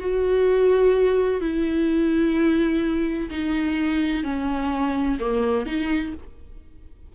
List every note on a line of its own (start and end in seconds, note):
0.00 1.41 F#4
1.41 3.30 E4
3.30 4.24 D#4
4.24 5.18 C#4
5.20 5.66 A#3
5.66 6.13 D#4